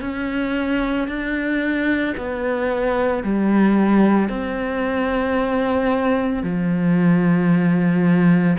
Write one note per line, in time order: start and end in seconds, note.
0.00 1.07 C#4
1.07 2.14 D4
2.16 3.23 B3
3.23 4.29 G3
4.29 6.43 C4
6.43 8.57 F3